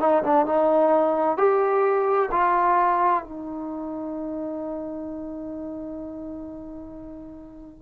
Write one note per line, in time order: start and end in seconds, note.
0.00 0.23 D#4
0.23 0.46 D4
0.46 1.38 D#4
1.38 2.30 G4
2.32 3.23 F4
3.23 7.82 D#4